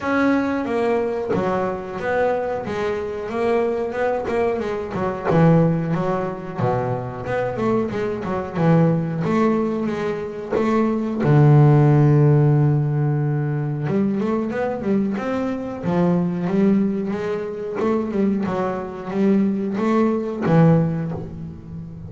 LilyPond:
\new Staff \with { instrumentName = "double bass" } { \time 4/4 \tempo 4 = 91 cis'4 ais4 fis4 b4 | gis4 ais4 b8 ais8 gis8 fis8 | e4 fis4 b,4 b8 a8 | gis8 fis8 e4 a4 gis4 |
a4 d2.~ | d4 g8 a8 b8 g8 c'4 | f4 g4 gis4 a8 g8 | fis4 g4 a4 e4 | }